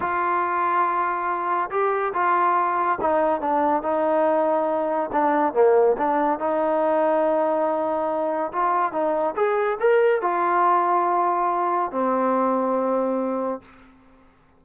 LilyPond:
\new Staff \with { instrumentName = "trombone" } { \time 4/4 \tempo 4 = 141 f'1 | g'4 f'2 dis'4 | d'4 dis'2. | d'4 ais4 d'4 dis'4~ |
dis'1 | f'4 dis'4 gis'4 ais'4 | f'1 | c'1 | }